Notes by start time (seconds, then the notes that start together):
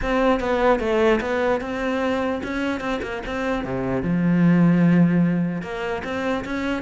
0.01 C4
0.40 B3
0.79 A3
1.20 B3
1.61 C4
2.43 C#4
2.80 C4
3.02 A#3
3.26 C4
3.64 C3
4.02 F3
5.62 A#3
6.04 C4
6.44 C#4